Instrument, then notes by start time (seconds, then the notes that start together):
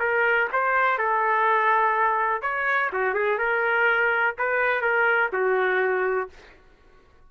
trumpet
0.00 A#4
0.53 C5
0.99 A4
2.42 C#5
2.93 F#4
3.15 G#4
3.38 A#4
4.39 B4
4.82 A#4
5.33 F#4